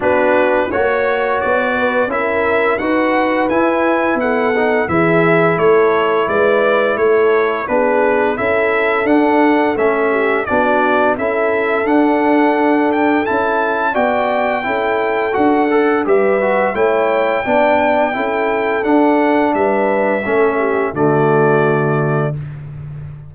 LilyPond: <<
  \new Staff \with { instrumentName = "trumpet" } { \time 4/4 \tempo 4 = 86 b'4 cis''4 d''4 e''4 | fis''4 gis''4 fis''4 e''4 | cis''4 d''4 cis''4 b'4 | e''4 fis''4 e''4 d''4 |
e''4 fis''4. g''8 a''4 | g''2 fis''4 e''4 | g''2. fis''4 | e''2 d''2 | }
  \new Staff \with { instrumentName = "horn" } { \time 4/4 fis'4 cis''4. b'8 ais'4 | b'2 a'4 gis'4 | a'4 b'4 a'4 gis'4 | a'2~ a'8 g'8 fis'4 |
a'1 | d''4 a'2 b'4 | cis''4 d''4 a'2 | b'4 a'8 g'8 fis'2 | }
  \new Staff \with { instrumentName = "trombone" } { \time 4/4 d'4 fis'2 e'4 | fis'4 e'4. dis'8 e'4~ | e'2. d'4 | e'4 d'4 cis'4 d'4 |
e'4 d'2 e'4 | fis'4 e'4 fis'8 a'8 g'8 fis'8 | e'4 d'4 e'4 d'4~ | d'4 cis'4 a2 | }
  \new Staff \with { instrumentName = "tuba" } { \time 4/4 b4 ais4 b4 cis'4 | dis'4 e'4 b4 e4 | a4 gis4 a4 b4 | cis'4 d'4 a4 b4 |
cis'4 d'2 cis'4 | b4 cis'4 d'4 g4 | a4 b4 cis'4 d'4 | g4 a4 d2 | }
>>